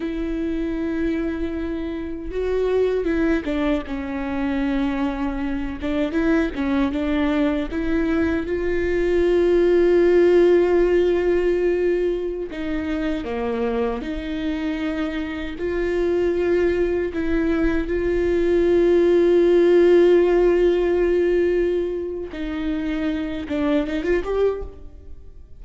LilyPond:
\new Staff \with { instrumentName = "viola" } { \time 4/4 \tempo 4 = 78 e'2. fis'4 | e'8 d'8 cis'2~ cis'8 d'8 | e'8 cis'8 d'4 e'4 f'4~ | f'1~ |
f'16 dis'4 ais4 dis'4.~ dis'16~ | dis'16 f'2 e'4 f'8.~ | f'1~ | f'4 dis'4. d'8 dis'16 f'16 g'8 | }